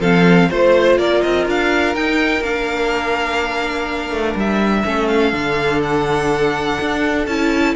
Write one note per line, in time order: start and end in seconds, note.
0.00 0.48 F3
0.00 0.50 C4
0.00 0.49 A4
0.00 0.50 F5
0.50 0.98 A3
0.50 1.95 F4
0.50 0.98 C5
0.98 1.22 A#3
0.98 4.85 A#4
0.98 1.22 D5
1.22 1.47 C4
1.22 1.46 D#5
1.47 1.95 D4
1.47 1.95 F5
1.95 2.43 D#4
1.95 2.42 D#4
1.95 2.43 G5
2.42 4.10 A#3
2.42 4.85 D4
2.42 4.37 F5
4.10 4.35 A3
4.36 4.84 G3
4.36 5.08 E5
4.85 5.33 A3
4.85 5.33 C#4
4.85 7.76 A4
5.08 5.81 F5
5.33 6.78 D3
5.33 7.26 D4
5.83 7.26 F#5
6.81 7.27 D4
7.26 7.76 C#4
7.26 7.76 E4
7.26 7.75 A5